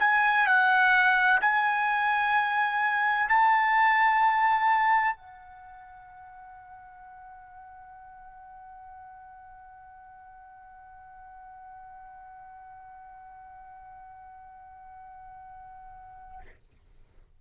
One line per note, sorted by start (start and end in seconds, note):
0.00 0.47 G#5
0.47 1.41 F#5
1.41 3.29 G#5
3.29 5.16 A5
5.16 16.41 F#5